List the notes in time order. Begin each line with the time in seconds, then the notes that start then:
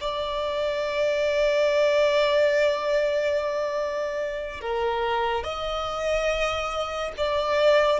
0.00 D5
4.61 A#4
5.43 D#5
7.17 D5